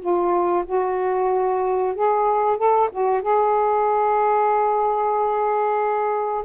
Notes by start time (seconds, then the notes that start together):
0.00 F4
0.66 F#4
1.95 G#4
2.57 A4
2.92 F#4
3.22 G#4